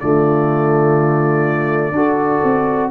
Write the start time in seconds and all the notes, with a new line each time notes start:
0.00 D3 A3 F4 D5
1.92 D4 F#4 A4
2.44 C4